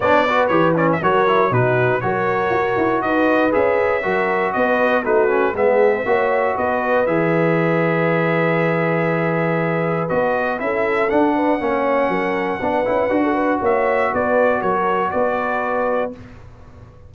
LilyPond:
<<
  \new Staff \with { instrumentName = "trumpet" } { \time 4/4 \tempo 4 = 119 d''4 cis''8 d''16 e''16 cis''4 b'4 | cis''2 dis''4 e''4~ | e''4 dis''4 b'4 e''4~ | e''4 dis''4 e''2~ |
e''1 | dis''4 e''4 fis''2~ | fis''2. e''4 | d''4 cis''4 d''2 | }
  \new Staff \with { instrumentName = "horn" } { \time 4/4 cis''8 b'4. ais'4 fis'4 | ais'2 b'2 | ais'4 b'4 fis'4 gis'4 | cis''4 b'2.~ |
b'1~ | b'4 a'4. b'8 cis''4 | ais'4 b'4~ b'16 a'16 b'8 cis''4 | b'4 ais'4 b'2 | }
  \new Staff \with { instrumentName = "trombone" } { \time 4/4 d'8 fis'8 g'8 cis'8 fis'8 e'8 dis'4 | fis'2. gis'4 | fis'2 dis'8 cis'8 b4 | fis'2 gis'2~ |
gis'1 | fis'4 e'4 d'4 cis'4~ | cis'4 d'8 e'8 fis'2~ | fis'1 | }
  \new Staff \with { instrumentName = "tuba" } { \time 4/4 b4 e4 fis4 b,4 | fis4 fis'8 e'8 dis'4 cis'4 | fis4 b4 a4 gis4 | ais4 b4 e2~ |
e1 | b4 cis'4 d'4 ais4 | fis4 b8 cis'8 d'4 ais4 | b4 fis4 b2 | }
>>